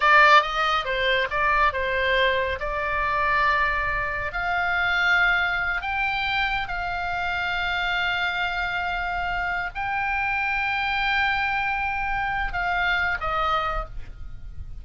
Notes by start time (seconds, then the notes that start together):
0.00 D5
0.42 D#5
0.84 C5
1.30 D5
1.72 C5
2.59 D5
4.32 F5
5.81 G5
6.68 F5
9.75 G5
12.52 F5
13.20 D#5